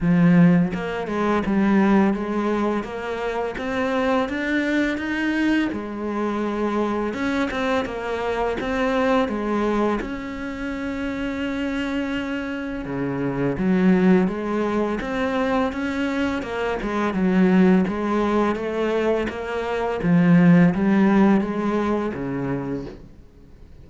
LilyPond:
\new Staff \with { instrumentName = "cello" } { \time 4/4 \tempo 4 = 84 f4 ais8 gis8 g4 gis4 | ais4 c'4 d'4 dis'4 | gis2 cis'8 c'8 ais4 | c'4 gis4 cis'2~ |
cis'2 cis4 fis4 | gis4 c'4 cis'4 ais8 gis8 | fis4 gis4 a4 ais4 | f4 g4 gis4 cis4 | }